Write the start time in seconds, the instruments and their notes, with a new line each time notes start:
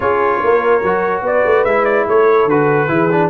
0.00 tuba C#4, trombone F4, horn G#4, trumpet C#5
0.43 tuba A#3, horn A#4
0.82 tuba F#3, trombone F#4
1.21 tuba B3, horn B4, trumpet D5
1.45 tuba A3
1.64 tuba G#3, trombone E4, trumpet E5
1.85 trumpet D5
2.07 tuba A3, horn A4, trumpet C#5
2.45 tuba D3, trombone F#4, trumpet B4
2.88 tuba E3, trombone E4, horn G#4
3.11 trombone D4